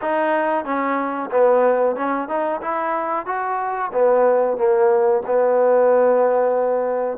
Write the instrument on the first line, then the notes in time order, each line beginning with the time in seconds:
trombone
0.01 D#4
0.65 C#4
1.30 B3
1.96 C#4
2.28 D#4
2.61 E4
3.25 F#4
3.92 B3
4.57 A#3
5.26 B3